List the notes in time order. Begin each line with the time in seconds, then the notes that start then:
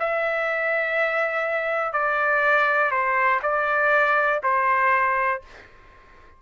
0.00 E5
1.93 D5
2.92 C5
3.42 D5
4.44 C5